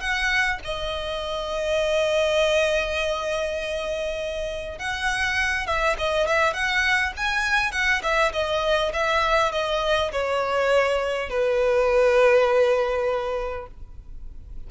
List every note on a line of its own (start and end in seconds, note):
0.00 0.59 F#5
0.64 4.78 D#5
4.78 5.66 F#5
5.66 5.96 E5
5.98 6.27 D#5
6.27 6.53 E5
6.53 7.13 F#5
7.16 7.72 G#5
7.72 8.01 F#5
8.03 8.32 E5
8.32 8.92 D#5
8.93 9.52 E5
9.52 10.11 D#5
10.12 11.29 C#5
11.29 13.67 B4